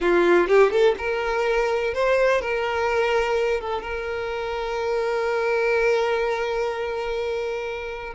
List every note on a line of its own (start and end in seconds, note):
0.00 0.47 F4
0.47 0.71 G4
0.71 0.95 A4
0.98 1.94 A#4
1.94 2.41 C5
2.41 3.60 A#4
3.60 3.82 A4
3.82 8.14 A#4